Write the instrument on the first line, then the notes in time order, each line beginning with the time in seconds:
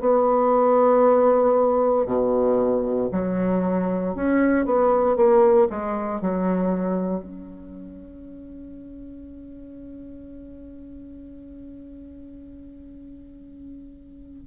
bassoon
0.00 B3
2.05 B2
3.12 F#3
4.15 C#4
4.66 B3
5.16 A#3
5.69 G#3
6.21 F#3
7.23 C#4